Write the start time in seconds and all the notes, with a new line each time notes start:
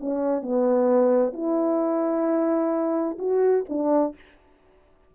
0.00 C#4
0.42 B3
1.33 E4
3.18 F#4
3.69 D4